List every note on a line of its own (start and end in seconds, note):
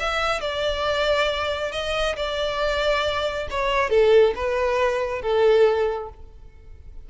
0.00 0.41 E5
0.41 1.72 D5
1.72 2.16 D#5
2.17 3.48 D5
3.51 3.90 C#5
3.90 4.34 A4
4.36 5.22 B4
5.22 6.10 A4